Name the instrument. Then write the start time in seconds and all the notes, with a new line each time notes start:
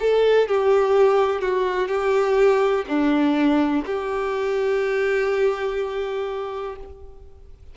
violin
0.00 A4
0.48 G4
1.41 F#4
1.88 G4
2.88 D4
3.86 G4